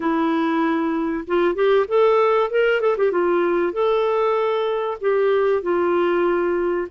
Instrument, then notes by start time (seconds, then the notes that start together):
clarinet
0.00 E4
1.27 F4
1.55 G4
1.88 A4
2.50 A#4
2.80 A4
2.97 G4
3.11 F4
3.72 A4
5.00 G4
5.62 F4